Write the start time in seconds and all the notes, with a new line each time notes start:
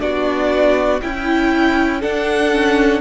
0.00 B3 D4 F#4 D5
1.02 C#4 E4 G5
2.01 D4 A4 F#5
2.51 C#4